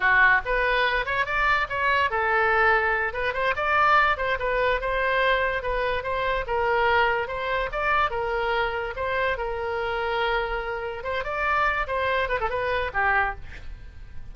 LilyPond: \new Staff \with { instrumentName = "oboe" } { \time 4/4 \tempo 4 = 144 fis'4 b'4. cis''8 d''4 | cis''4 a'2~ a'8 b'8 | c''8 d''4. c''8 b'4 c''8~ | c''4. b'4 c''4 ais'8~ |
ais'4. c''4 d''4 ais'8~ | ais'4. c''4 ais'4.~ | ais'2~ ais'8 c''8 d''4~ | d''8 c''4 b'16 a'16 b'4 g'4 | }